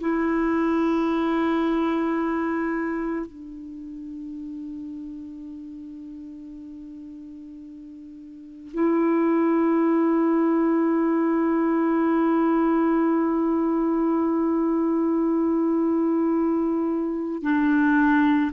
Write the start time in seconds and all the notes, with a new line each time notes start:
0.00 E4
3.26 D4
8.74 E4
17.42 D4